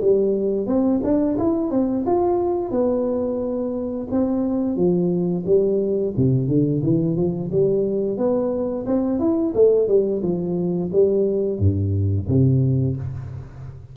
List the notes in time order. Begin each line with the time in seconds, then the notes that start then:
0.00 G3
0.66 C4
1.03 D4
1.38 E4
1.70 C4
2.06 F4
2.71 B3
4.11 C4
4.76 F3
5.45 G3
6.16 C3
6.47 D3
6.83 E3
7.16 F3
7.51 G3
8.17 B3
8.86 C4
9.19 E4
9.54 A3
9.87 G3
10.22 F3
10.92 G3
11.58 G2
12.28 C3